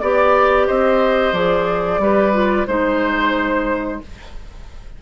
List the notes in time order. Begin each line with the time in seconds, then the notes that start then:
0.00 B3 G4 D5
0.67 C4 C5 D#5
1.33 F3 G#4 D5
1.98 G3 G4 B4
2.33 F4
2.67 G#3 D#4 C5